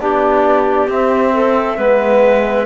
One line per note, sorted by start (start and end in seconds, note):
0.00 0.88 B3
0.00 0.89 D4
0.00 1.33 G4
0.00 0.90 D5
0.88 1.77 C4
0.88 1.76 C4
0.88 2.66 E5
1.33 1.77 A4
1.76 2.66 G#3
1.76 2.66 B3
1.76 2.66 B4